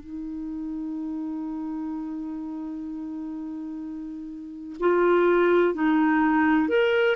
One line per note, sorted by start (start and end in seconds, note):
0.00 4.76 D#4
4.80 5.74 F4
5.74 6.69 D#4
6.69 7.16 A#4